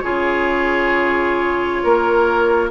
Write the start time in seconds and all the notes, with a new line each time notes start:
0.00 C#3 F4 G#4 C#5
1.83 A#3 A#4